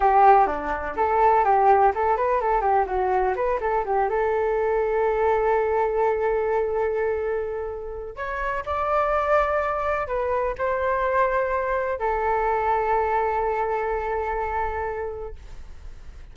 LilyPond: \new Staff \with { instrumentName = "flute" } { \time 4/4 \tempo 4 = 125 g'4 d'4 a'4 g'4 | a'8 b'8 a'8 g'8 fis'4 b'8 a'8 | g'8 a'2.~ a'8~ | a'1~ |
a'4 cis''4 d''2~ | d''4 b'4 c''2~ | c''4 a'2.~ | a'1 | }